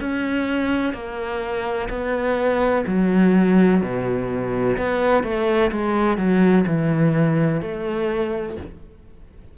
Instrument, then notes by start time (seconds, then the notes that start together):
cello
0.00 C#4
0.93 A#3
1.89 B3
2.87 F#3
3.81 B2
4.77 B3
5.23 A3
5.71 G#3
6.17 F#3
6.67 E3
7.61 A3